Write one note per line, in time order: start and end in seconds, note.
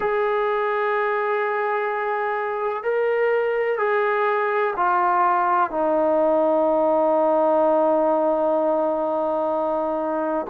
0.00 2.83 G#4
2.83 3.78 A#4
3.78 4.74 G#4
4.76 5.70 F4
5.70 10.46 D#4